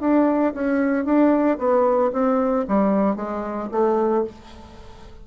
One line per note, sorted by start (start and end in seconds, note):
0.00 0.53 D4
0.54 1.05 C#4
1.05 1.58 D4
1.58 2.11 B3
2.12 2.65 C4
2.68 3.16 G3
3.16 3.69 G#3
3.71 4.24 A3